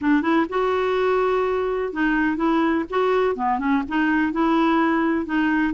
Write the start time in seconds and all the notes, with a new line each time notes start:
0.01 D4
0.22 E4
0.49 F#4
1.92 D#4
2.36 E4
2.90 F#4
3.35 B3
3.58 C#4
3.88 D#4
4.32 E4
5.25 D#4